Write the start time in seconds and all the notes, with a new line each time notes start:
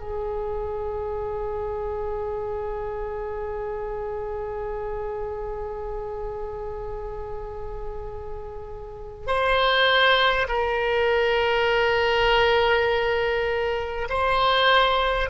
0.00 G#4
9.27 C5
10.48 A#4
14.09 C5